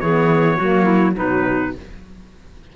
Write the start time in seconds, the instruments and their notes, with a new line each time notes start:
0.00 cello E3, saxophone B3, clarinet G#4, trumpet C#5
0.56 cello F#3, saxophone A#3, clarinet F#4
0.83 clarinet E4
1.13 cello B2, saxophone F#3, clarinet D#4, trumpet B4